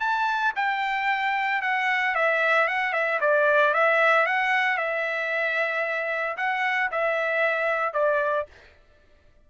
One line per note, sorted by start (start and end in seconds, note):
0.00 0.53 A5
0.56 1.62 G5
1.62 2.15 F#5
2.15 2.68 E5
2.68 2.93 F#5
2.93 3.20 E5
3.21 3.74 D5
3.74 4.27 E5
4.27 4.78 F#5
4.78 6.37 E5
6.38 6.91 F#5
6.92 7.94 E5
7.94 8.47 D5